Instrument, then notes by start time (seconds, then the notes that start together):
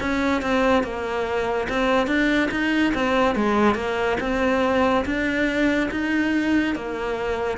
cello
0.00 C#4
0.41 C4
0.83 A#3
1.69 C4
2.07 D4
2.51 D#4
2.94 C4
3.35 G#3
3.75 A#3
4.20 C4
5.05 D4
5.91 D#4
6.75 A#3